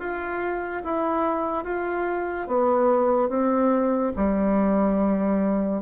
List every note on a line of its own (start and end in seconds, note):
0.00 0.83 F4
0.84 1.65 E4
1.65 2.48 F4
2.48 3.30 B3
3.30 4.13 C4
4.17 5.83 G3